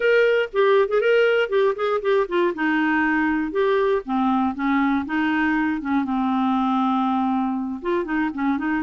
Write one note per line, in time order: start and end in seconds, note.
0.00 0.49 A#4
0.52 0.88 G4
0.88 1.00 G#4
1.00 1.49 A#4
1.49 1.74 G4
1.75 2.00 G#4
2.01 2.26 G4
2.28 2.53 F4
2.54 3.51 D#4
3.51 4.02 G4
4.05 4.54 C4
4.54 5.05 C#4
5.05 5.81 D#4
5.81 6.04 C#4
6.04 7.81 C4
7.82 8.04 F4
8.04 8.30 D#4
8.33 8.58 C#4
8.58 8.82 D#4